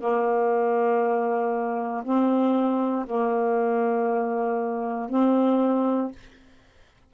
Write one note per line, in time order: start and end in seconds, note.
0.00 2.03 A#3
2.04 3.06 C4
3.06 5.09 A#3
5.09 6.11 C4